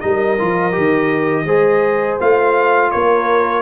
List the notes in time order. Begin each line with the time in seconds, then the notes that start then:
0.00 G3 D#4 A#4 D#5
0.39 F3 F4
0.72 D#3 G4
1.45 G#3 G#4 C5
2.20 A3 F4 F5
2.91 A#3 A#4 C#5